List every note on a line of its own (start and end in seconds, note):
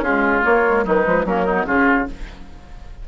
0.00 0.42 G#3
0.00 0.41 C#4
0.00 0.84 F4
0.00 0.43 G#4
0.42 0.62 A#3
0.42 0.86 A#3
0.42 0.84 C#5
0.65 0.83 G#3
0.83 1.06 D#3
0.83 1.02 F#3
0.83 1.25 D#4
0.83 1.25 B4
1.02 1.24 F3
1.02 1.22 G#3
1.24 1.65 F#3
1.24 1.46 A#3
1.24 1.45 C#4
1.24 1.66 A#4
1.45 1.65 B3
1.45 1.65 D#4
1.65 2.07 C#3
1.65 2.06 C#4
1.65 2.07 F4
1.65 2.07 G#4